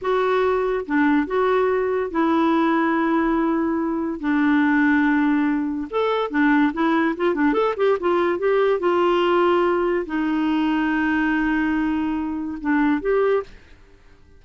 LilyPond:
\new Staff \with { instrumentName = "clarinet" } { \time 4/4 \tempo 4 = 143 fis'2 d'4 fis'4~ | fis'4 e'2.~ | e'2 d'2~ | d'2 a'4 d'4 |
e'4 f'8 d'8 a'8 g'8 f'4 | g'4 f'2. | dis'1~ | dis'2 d'4 g'4 | }